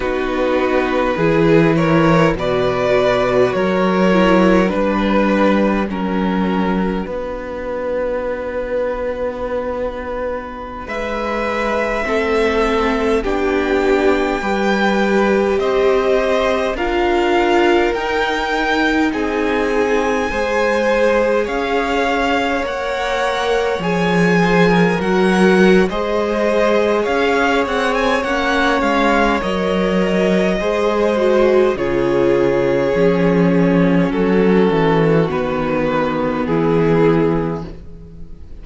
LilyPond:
<<
  \new Staff \with { instrumentName = "violin" } { \time 4/4 \tempo 4 = 51 b'4. cis''8 d''4 cis''4 | b'4 ais'4 b'2~ | b'4~ b'16 e''2 g''8.~ | g''4~ g''16 dis''4 f''4 g''8.~ |
g''16 gis''2 f''4 fis''8.~ | fis''16 gis''4 fis''8. dis''4 f''8 fis''16 gis''16 | fis''8 f''8 dis''2 cis''4~ | cis''4 a'4 b'4 gis'4 | }
  \new Staff \with { instrumentName = "violin" } { \time 4/4 fis'4 gis'8 ais'8 b'4 ais'4 | b'4 fis'2.~ | fis'4~ fis'16 b'4 a'4 g'8.~ | g'16 b'4 c''4 ais'4.~ ais'16~ |
ais'16 gis'4 c''4 cis''4.~ cis''16~ | cis''8. c''16 ais'4 c''4 cis''4~ | cis''2 c''4 gis'4~ | gis'4 fis'2 e'4 | }
  \new Staff \with { instrumentName = "viola" } { \time 4/4 dis'4 e'4 fis'4. e'8 | d'4 cis'4 d'2~ | d'2~ d'16 c'4 d'8.~ | d'16 g'2 f'4 dis'8.~ |
dis'4~ dis'16 gis'2 ais'8.~ | ais'16 gis'4 fis'8. gis'2 | cis'4 ais'4 gis'8 fis'8 f'4 | cis'2 b2 | }
  \new Staff \with { instrumentName = "cello" } { \time 4/4 b4 e4 b,4 fis4 | g4 fis4 b2~ | b4~ b16 gis4 a4 b8.~ | b16 g4 c'4 d'4 dis'8.~ |
dis'16 c'4 gis4 cis'4 ais8.~ | ais16 f4 fis8. gis4 cis'8 c'8 | ais8 gis8 fis4 gis4 cis4 | f4 fis8 e8 dis4 e4 | }
>>